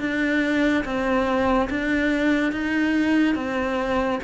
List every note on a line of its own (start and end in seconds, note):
0.00 0.85 D4
0.85 1.69 C4
1.70 2.53 D4
2.53 3.36 D#4
3.36 4.20 C4